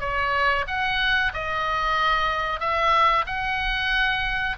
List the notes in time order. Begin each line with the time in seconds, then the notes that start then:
0.00 C#5
0.67 F#5
1.34 D#5
2.60 E5
3.26 F#5